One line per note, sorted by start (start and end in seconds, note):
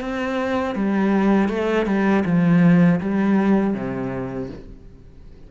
0.00 0.75 C4
0.75 1.48 G3
1.48 1.86 A3
1.86 2.23 G3
2.25 3.00 F3
3.00 3.74 G3
3.74 4.49 C3